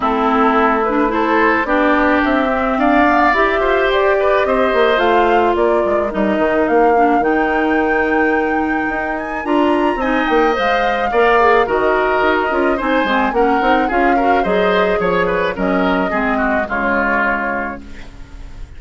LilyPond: <<
  \new Staff \with { instrumentName = "flute" } { \time 4/4 \tempo 4 = 108 a'4. b'8 c''4 d''4 | e''4 f''4 e''4 d''4 | dis''4 f''4 d''4 dis''4 | f''4 g''2.~ |
g''8 gis''8 ais''4 gis''8 g''8 f''4~ | f''4 dis''2 gis''4 | fis''4 f''4 dis''4 cis''4 | dis''2 cis''2 | }
  \new Staff \with { instrumentName = "oboe" } { \time 4/4 e'2 a'4 g'4~ | g'4 d''4. c''4 b'8 | c''2 ais'2~ | ais'1~ |
ais'2 dis''2 | d''4 ais'2 c''4 | ais'4 gis'8 ais'8 c''4 cis''8 b'8 | ais'4 gis'8 fis'8 f'2 | }
  \new Staff \with { instrumentName = "clarinet" } { \time 4/4 c'4. d'8 e'4 d'4~ | d'8 c'4 b8 g'2~ | g'4 f'2 dis'4~ | dis'8 d'8 dis'2.~ |
dis'4 f'4 dis'4 c''4 | ais'8 gis'8 fis'4. f'8 dis'8 c'8 | cis'8 dis'8 f'8 fis'8 gis'2 | cis'4 c'4 gis2 | }
  \new Staff \with { instrumentName = "bassoon" } { \time 4/4 a2. b4 | c'4 d'4 e'8 f'8 g'4 | c'8 ais8 a4 ais8 gis8 g8 dis8 | ais4 dis2. |
dis'4 d'4 c'8 ais8 gis4 | ais4 dis4 dis'8 cis'8 c'8 gis8 | ais8 c'8 cis'4 fis4 f4 | fis4 gis4 cis2 | }
>>